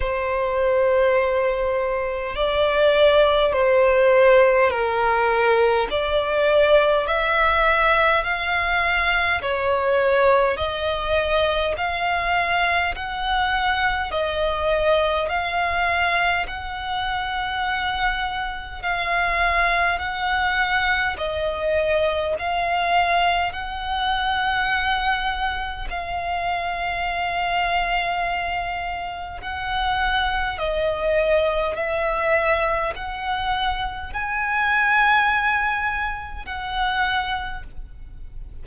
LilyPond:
\new Staff \with { instrumentName = "violin" } { \time 4/4 \tempo 4 = 51 c''2 d''4 c''4 | ais'4 d''4 e''4 f''4 | cis''4 dis''4 f''4 fis''4 | dis''4 f''4 fis''2 |
f''4 fis''4 dis''4 f''4 | fis''2 f''2~ | f''4 fis''4 dis''4 e''4 | fis''4 gis''2 fis''4 | }